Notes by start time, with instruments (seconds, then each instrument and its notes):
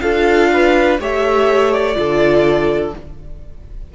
0.00 cello D4, viola F4, violin A4 F5
0.52 violin B4
0.99 cello A3, viola G4, violin C#5 E5
1.72 violin D5
1.95 cello D3, viola F4, violin A4